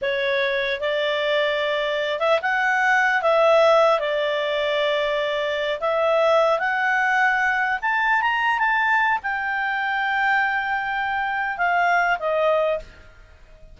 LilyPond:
\new Staff \with { instrumentName = "clarinet" } { \time 4/4 \tempo 4 = 150 cis''2 d''2~ | d''4. e''8 fis''2 | e''2 d''2~ | d''2~ d''8 e''4.~ |
e''8 fis''2. a''8~ | a''8 ais''4 a''4. g''4~ | g''1~ | g''4 f''4. dis''4. | }